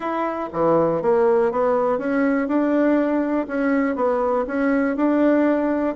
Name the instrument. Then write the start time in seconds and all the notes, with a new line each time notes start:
bassoon
0.00 E4
0.52 E3
1.01 A#3
1.51 B3
1.98 C#4
2.47 D4
3.47 C#4
3.95 B3
4.47 C#4
4.96 D4